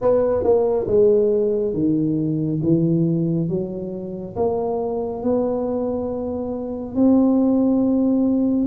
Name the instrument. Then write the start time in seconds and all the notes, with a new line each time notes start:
tuba
0.01 B3
0.43 A#3
0.87 G#3
1.74 D#3
2.62 E3
3.48 F#3
4.36 A#3
5.22 B3
6.95 C4